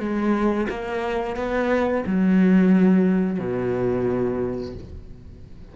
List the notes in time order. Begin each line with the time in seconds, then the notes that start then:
0.00 G#3
0.69 A#3
1.36 B3
2.06 F#3
3.40 B2